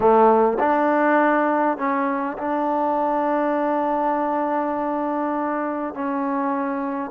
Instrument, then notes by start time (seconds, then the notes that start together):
trombone
0.00 A3
0.59 D4
1.77 C#4
2.38 D4
5.94 C#4